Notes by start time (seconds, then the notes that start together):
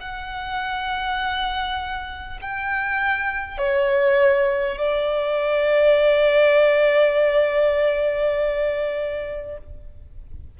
0.00 F#5
2.41 G5
3.58 C#5
4.78 D5